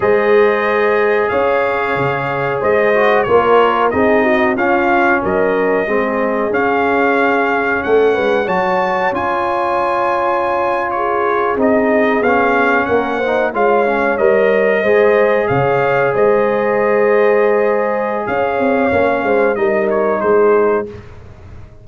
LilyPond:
<<
  \new Staff \with { instrumentName = "trumpet" } { \time 4/4 \tempo 4 = 92 dis''2 f''2 | dis''4 cis''4 dis''4 f''4 | dis''2 f''2 | fis''4 a''4 gis''2~ |
gis''8. cis''4 dis''4 f''4 fis''16~ | fis''8. f''4 dis''2 f''16~ | f''8. dis''2.~ dis''16 | f''2 dis''8 cis''8 c''4 | }
  \new Staff \with { instrumentName = "horn" } { \time 4/4 c''2 cis''2 | c''4 ais'4 gis'8 fis'8 f'4 | ais'4 gis'2. | a'8 b'8 cis''2.~ |
cis''8. gis'2. ais'16~ | ais'16 c''8 cis''2 c''4 cis''16~ | cis''8. c''2.~ c''16 | cis''4. c''8 ais'4 gis'4 | }
  \new Staff \with { instrumentName = "trombone" } { \time 4/4 gis'1~ | gis'8 fis'8 f'4 dis'4 cis'4~ | cis'4 c'4 cis'2~ | cis'4 fis'4 f'2~ |
f'4.~ f'16 dis'4 cis'4~ cis'16~ | cis'16 dis'8 f'8 cis'8 ais'4 gis'4~ gis'16~ | gis'1~ | gis'4 cis'4 dis'2 | }
  \new Staff \with { instrumentName = "tuba" } { \time 4/4 gis2 cis'4 cis4 | gis4 ais4 c'4 cis'4 | fis4 gis4 cis'2 | a8 gis8 fis4 cis'2~ |
cis'4.~ cis'16 c'4 b4 ais16~ | ais8. gis4 g4 gis4 cis16~ | cis8. gis2.~ gis16 | cis'8 c'8 ais8 gis8 g4 gis4 | }
>>